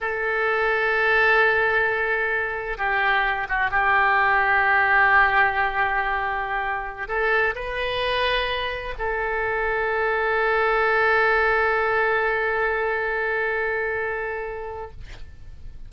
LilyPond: \new Staff \with { instrumentName = "oboe" } { \time 4/4 \tempo 4 = 129 a'1~ | a'2 g'4. fis'8 | g'1~ | g'2.~ g'16 a'8.~ |
a'16 b'2. a'8.~ | a'1~ | a'1~ | a'1 | }